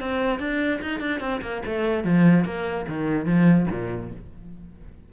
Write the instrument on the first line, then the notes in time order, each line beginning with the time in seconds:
cello
0.00 C4
0.40 D4
0.82 D#4
1.00 D4
1.20 C4
1.42 A#3
1.66 A3
2.04 F3
2.45 A#3
2.88 D#3
3.26 F3
3.70 A#2